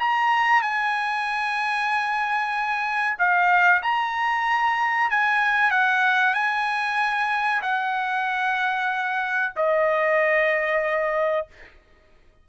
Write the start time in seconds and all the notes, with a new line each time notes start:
0.00 A#5
0.62 G#5
3.19 F5
3.83 A#5
5.11 G#5
5.71 F#5
6.35 G#5
7.62 F#5
9.56 D#5